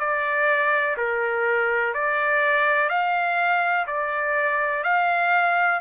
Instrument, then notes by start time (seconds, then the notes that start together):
trumpet
0.00 D5
0.97 A#4
1.94 D5
2.89 F5
3.87 D5
4.84 F5